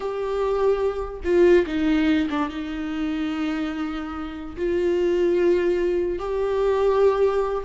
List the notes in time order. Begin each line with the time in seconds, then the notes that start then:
0.00 G4
1.24 F4
1.66 D#4
2.30 D4
2.49 D#4
4.56 F4
6.18 G4